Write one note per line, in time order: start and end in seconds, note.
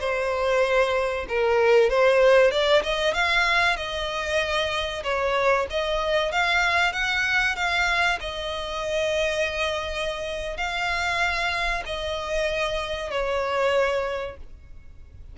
0.00 1.26 C5
1.29 1.90 A#4
1.90 2.51 C5
2.51 2.83 D5
2.83 3.14 D#5
3.14 3.77 F5
3.77 5.03 D#5
5.04 5.67 C#5
5.70 6.32 D#5
6.32 6.93 F5
6.93 7.56 F#5
7.56 8.19 F5
8.20 10.57 D#5
10.57 11.83 F5
11.86 13.11 D#5
13.11 14.37 C#5